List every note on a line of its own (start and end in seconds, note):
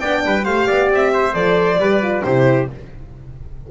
0.00 0.26 B3
0.00 0.43 D4
0.00 0.23 D5
0.00 0.45 G5
0.26 0.47 G3
0.26 0.45 B4
0.43 0.69 A3
0.43 1.33 G4
0.43 0.67 C5
0.43 0.90 F5
0.67 0.92 B3
0.67 1.12 D5
0.92 1.35 C4
0.92 1.35 E5
1.14 1.81 C5
1.34 1.78 F3
1.34 1.78 A4
1.34 2.24 D5
1.78 2.23 G3
1.78 2.03 G4
1.78 2.26 B4
2.03 2.25 F4
2.24 2.70 C3
2.24 2.71 E4
2.24 2.71 G4
2.24 2.68 C5